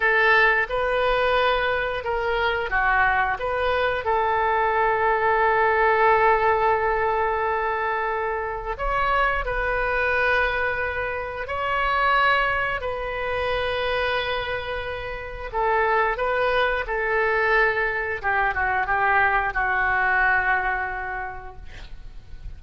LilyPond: \new Staff \with { instrumentName = "oboe" } { \time 4/4 \tempo 4 = 89 a'4 b'2 ais'4 | fis'4 b'4 a'2~ | a'1~ | a'4 cis''4 b'2~ |
b'4 cis''2 b'4~ | b'2. a'4 | b'4 a'2 g'8 fis'8 | g'4 fis'2. | }